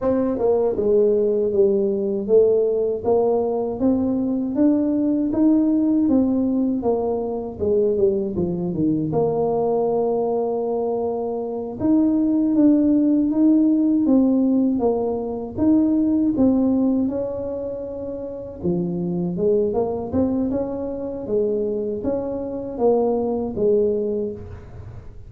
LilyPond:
\new Staff \with { instrumentName = "tuba" } { \time 4/4 \tempo 4 = 79 c'8 ais8 gis4 g4 a4 | ais4 c'4 d'4 dis'4 | c'4 ais4 gis8 g8 f8 dis8 | ais2.~ ais8 dis'8~ |
dis'8 d'4 dis'4 c'4 ais8~ | ais8 dis'4 c'4 cis'4.~ | cis'8 f4 gis8 ais8 c'8 cis'4 | gis4 cis'4 ais4 gis4 | }